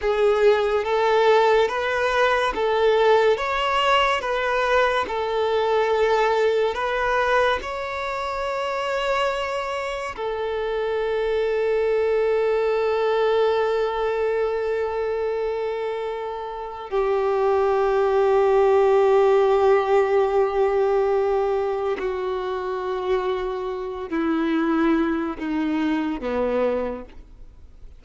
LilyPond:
\new Staff \with { instrumentName = "violin" } { \time 4/4 \tempo 4 = 71 gis'4 a'4 b'4 a'4 | cis''4 b'4 a'2 | b'4 cis''2. | a'1~ |
a'1 | g'1~ | g'2 fis'2~ | fis'8 e'4. dis'4 b4 | }